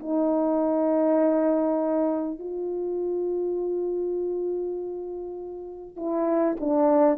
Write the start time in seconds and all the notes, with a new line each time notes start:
0.00 D#4
2.40 F4
5.97 E4
6.61 D4